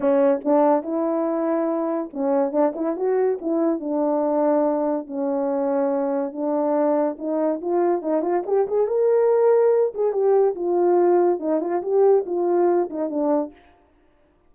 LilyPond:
\new Staff \with { instrumentName = "horn" } { \time 4/4 \tempo 4 = 142 cis'4 d'4 e'2~ | e'4 cis'4 d'8 e'8 fis'4 | e'4 d'2. | cis'2. d'4~ |
d'4 dis'4 f'4 dis'8 f'8 | g'8 gis'8 ais'2~ ais'8 gis'8 | g'4 f'2 dis'8 f'8 | g'4 f'4. dis'8 d'4 | }